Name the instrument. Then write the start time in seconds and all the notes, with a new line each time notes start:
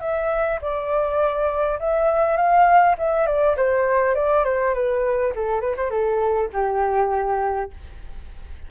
flute
0.00 E5
0.61 D5
1.79 E5
2.37 F5
2.98 E5
3.26 D5
3.57 C5
4.15 D5
4.44 C5
4.74 B4
5.35 A4
5.60 B4
5.76 C5
5.90 A4
6.53 G4